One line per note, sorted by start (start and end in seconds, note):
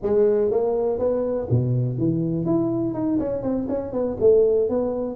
0.02 0.50 G#3
0.50 0.98 A#3
0.98 1.48 B3
1.50 1.97 B2
1.97 2.45 E3
2.45 2.94 E4
2.94 3.18 D#4
3.19 3.42 C#4
3.42 3.67 C4
3.68 3.92 C#4
3.92 4.16 B3
4.19 4.69 A3
4.69 5.15 B3